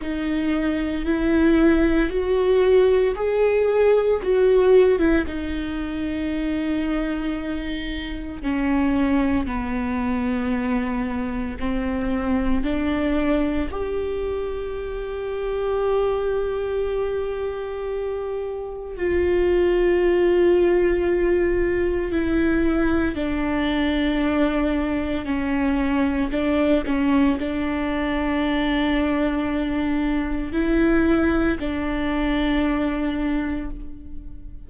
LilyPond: \new Staff \with { instrumentName = "viola" } { \time 4/4 \tempo 4 = 57 dis'4 e'4 fis'4 gis'4 | fis'8. e'16 dis'2. | cis'4 b2 c'4 | d'4 g'2.~ |
g'2 f'2~ | f'4 e'4 d'2 | cis'4 d'8 cis'8 d'2~ | d'4 e'4 d'2 | }